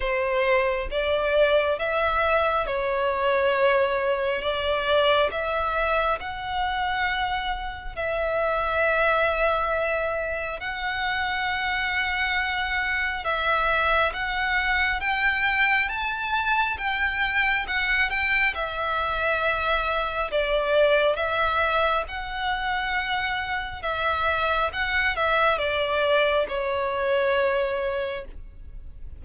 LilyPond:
\new Staff \with { instrumentName = "violin" } { \time 4/4 \tempo 4 = 68 c''4 d''4 e''4 cis''4~ | cis''4 d''4 e''4 fis''4~ | fis''4 e''2. | fis''2. e''4 |
fis''4 g''4 a''4 g''4 | fis''8 g''8 e''2 d''4 | e''4 fis''2 e''4 | fis''8 e''8 d''4 cis''2 | }